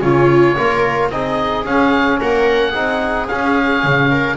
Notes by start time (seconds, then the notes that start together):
0.00 C#3 C#4 F4 C#5
0.56 A#3 F4 A#4
1.10 C4 D#4 G#4 D#5
1.64 C#4 F5
2.20 A#3 A#4 F#5
2.69 C4 D#4 G#4
3.27 C#4 F5
3.83 C#3
4.11 A#4